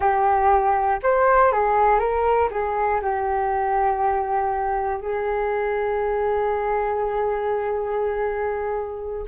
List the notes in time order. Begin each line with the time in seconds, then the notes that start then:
0.00 G4
1.03 C5
1.51 G#4
1.99 A#4
2.50 G#4
3.01 G4
5.00 G#4